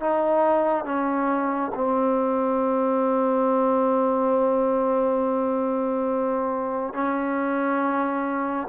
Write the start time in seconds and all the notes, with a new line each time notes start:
0.00 D#4
0.85 C#4
1.75 C4
6.94 C#4